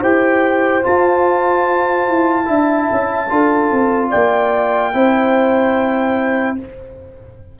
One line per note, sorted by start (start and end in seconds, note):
0.00 0.84 E4
0.00 0.83 G4
0.00 2.46 C5
0.00 0.85 G5
0.83 2.45 F4
0.83 2.08 F4
0.83 4.11 A5
2.08 2.48 E4
2.45 2.89 D4
2.45 3.27 E4
2.45 3.28 E5
2.91 3.31 C#4
3.29 3.71 D4
3.29 4.93 F4
3.29 4.10 A4
3.71 4.12 C4
4.10 4.94 A#3
4.10 4.92 D5
4.10 6.57 G5
4.93 6.58 C4
4.93 6.58 E4
4.93 6.59 C5